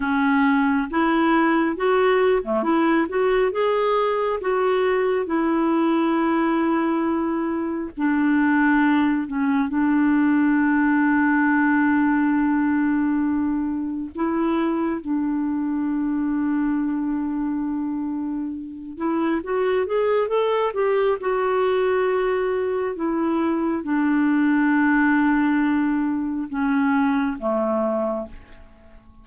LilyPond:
\new Staff \with { instrumentName = "clarinet" } { \time 4/4 \tempo 4 = 68 cis'4 e'4 fis'8. a16 e'8 fis'8 | gis'4 fis'4 e'2~ | e'4 d'4. cis'8 d'4~ | d'1 |
e'4 d'2.~ | d'4. e'8 fis'8 gis'8 a'8 g'8 | fis'2 e'4 d'4~ | d'2 cis'4 a4 | }